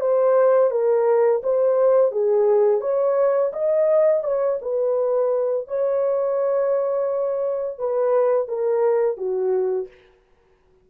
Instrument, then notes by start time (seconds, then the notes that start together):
horn
0.00 C5
0.71 A#4
1.43 C5
2.11 G#4
2.81 C#5
3.53 D#5
4.24 C#5
4.61 B4
5.67 C#5
7.78 B4
8.48 A#4
9.17 F#4